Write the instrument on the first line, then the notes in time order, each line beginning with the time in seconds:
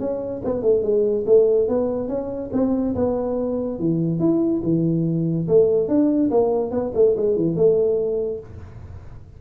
tuba
0.00 C#4
0.45 B3
0.62 A3
0.83 G#3
1.27 A3
1.68 B3
2.08 C#4
2.53 C4
2.95 B3
3.79 E3
4.20 E4
4.64 E3
5.48 A3
5.89 D4
6.31 A#3
6.71 B3
6.95 A3
7.17 G#3
7.37 E3
7.56 A3